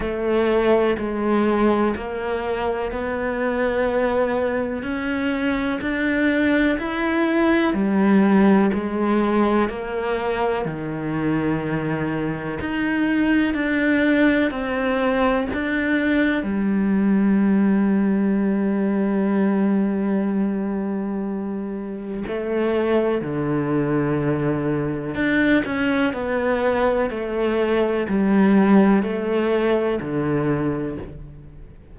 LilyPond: \new Staff \with { instrumentName = "cello" } { \time 4/4 \tempo 4 = 62 a4 gis4 ais4 b4~ | b4 cis'4 d'4 e'4 | g4 gis4 ais4 dis4~ | dis4 dis'4 d'4 c'4 |
d'4 g2.~ | g2. a4 | d2 d'8 cis'8 b4 | a4 g4 a4 d4 | }